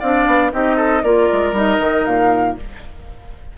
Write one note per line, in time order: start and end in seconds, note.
0.00 0.27 C4
0.00 0.52 D4
0.00 0.51 D5
0.00 0.52 F5
0.27 0.52 B3
0.52 1.04 C4
0.52 1.04 D#4
0.52 0.77 G4
0.52 1.03 D#5
0.77 1.02 A4
1.03 1.29 A#3
1.03 1.54 F4
1.03 2.58 A#4
1.03 1.55 D5
1.32 1.52 G#3
1.52 1.78 G3
1.52 2.57 D#4
1.52 2.06 D#5
1.79 2.05 D#3
2.06 2.57 A#2
2.06 2.57 F5